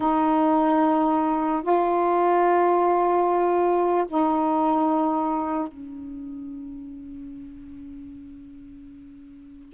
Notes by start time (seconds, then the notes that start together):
0.00 D#4
1.62 F4
4.08 D#4
5.68 C#4